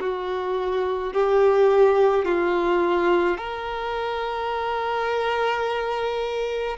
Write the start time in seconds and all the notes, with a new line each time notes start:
0.00 F#4
1.14 G4
2.25 F4
3.38 A#4